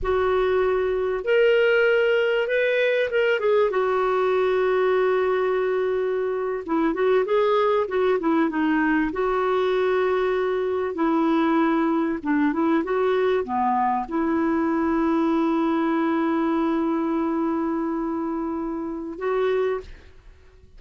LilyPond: \new Staff \with { instrumentName = "clarinet" } { \time 4/4 \tempo 4 = 97 fis'2 ais'2 | b'4 ais'8 gis'8 fis'2~ | fis'2~ fis'8. e'8 fis'8 gis'16~ | gis'8. fis'8 e'8 dis'4 fis'4~ fis'16~ |
fis'4.~ fis'16 e'2 d'16~ | d'16 e'8 fis'4 b4 e'4~ e'16~ | e'1~ | e'2. fis'4 | }